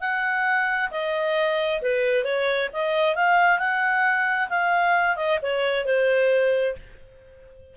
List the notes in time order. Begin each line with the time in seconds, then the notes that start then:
0.00 F#5
0.91 D#5
1.82 B4
2.24 C#5
2.73 D#5
3.15 F5
3.59 F#5
4.49 F5
5.16 D#5
5.42 C#5
5.85 C5